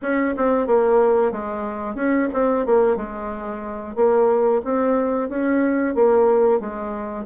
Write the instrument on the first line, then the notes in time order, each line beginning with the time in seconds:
bassoon
0.01 C#4
0.36 C4
0.66 A#3
1.31 G#3
1.95 C#4
2.33 C4
2.66 A#3
2.96 G#3
3.95 A#3
4.64 C4
5.29 C#4
5.95 A#3
6.60 G#3